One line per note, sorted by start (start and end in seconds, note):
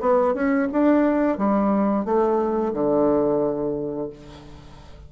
0.00 0.34 B3
0.34 0.68 C#4
0.72 1.38 D4
1.38 2.05 G3
2.05 2.73 A3
2.73 4.09 D3